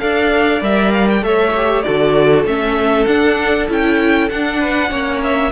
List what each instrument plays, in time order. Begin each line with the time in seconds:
0.00 cello D4, viola A4, violin D5 F5
0.62 cello G3, viola A#4, violin E5
0.93 violin F5
1.10 violin G5
1.22 cello A3, viola A4, violin C#5 E5
1.56 viola G4
1.82 viola F#4, violin A4 D5
1.88 cello D3
2.45 cello A3, viola C#4, violin E5
3.07 cello D4, viola D4, violin F#5
3.69 cello C#4, viola E4, violin G5
4.29 viola D4, cello D4, violin F#5
4.60 violin B4
4.90 cello A#3, viola C#4, violin C#5
5.23 violin E5